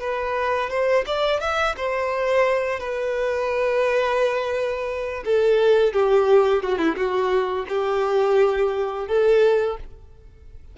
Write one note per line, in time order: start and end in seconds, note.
0.00 0.70 B4
0.70 1.05 C5
1.06 1.40 D5
1.40 1.75 E5
1.76 2.79 C5
2.79 5.23 B4
5.25 5.93 A4
5.93 6.62 G4
6.62 6.78 F#4
6.78 6.95 E4
6.96 7.66 F#4
7.68 9.07 G4
9.07 9.77 A4